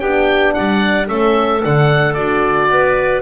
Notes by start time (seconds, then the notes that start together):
0.00 B3 D4 G4 G5
0.54 G3 D5 F#5
1.07 A3 C#4 A4 E5
1.63 D3 D4 F#5
2.14 D4 F#4 D5
2.69 B3 B4